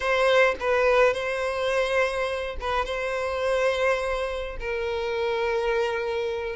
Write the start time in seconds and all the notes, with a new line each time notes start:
0.00 C5
0.60 B4
1.13 C5
2.60 B4
2.85 C5
4.59 A#4